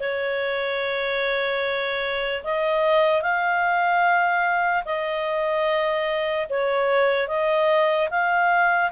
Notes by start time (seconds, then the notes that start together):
0.00 C#5
2.44 D#5
3.21 F5
4.85 D#5
6.49 C#5
7.28 D#5
8.10 F5